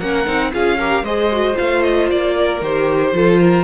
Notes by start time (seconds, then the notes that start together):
0.00 A#3 C#4 A#4 F#5
0.26 C4 D#4
0.53 C#4 F4 G#4 F5
0.79 G4 A#4
1.03 G#3 G#4 C5 D#5
1.33 F#4
1.55 F4 F5
1.61 A3
1.83 D#5
2.11 A#3 D5
2.34 A#4
2.62 D#3 G4 C5
3.13 F3 F4 A4
3.41 A#4